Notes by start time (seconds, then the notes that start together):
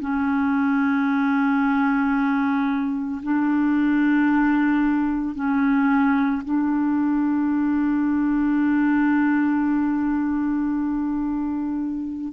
0.00 C#4
3.22 D4
5.35 C#4
6.44 D4